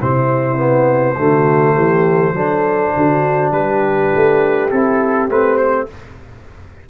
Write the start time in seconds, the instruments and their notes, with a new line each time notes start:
0.00 tuba C3, trombone C4, horn E4, trumpet C5
0.56 trombone B3
1.17 tuba D3, trombone A3, horn F#4
1.75 tuba E3, horn G4
2.33 tuba F#3, trombone D4, horn A4
2.96 tuba D3, horn F#4
3.52 tuba G3, horn G4, trumpet B4
4.16 tuba A3
4.70 tuba C4, trombone E4, trumpet A4
5.29 tuba A3, trombone C4, trumpet B4
5.57 trumpet C5